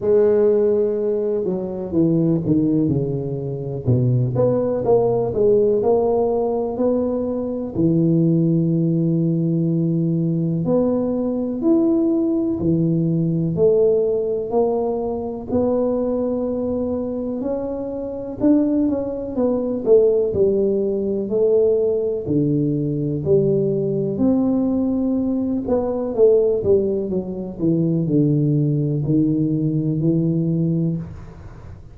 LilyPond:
\new Staff \with { instrumentName = "tuba" } { \time 4/4 \tempo 4 = 62 gis4. fis8 e8 dis8 cis4 | b,8 b8 ais8 gis8 ais4 b4 | e2. b4 | e'4 e4 a4 ais4 |
b2 cis'4 d'8 cis'8 | b8 a8 g4 a4 d4 | g4 c'4. b8 a8 g8 | fis8 e8 d4 dis4 e4 | }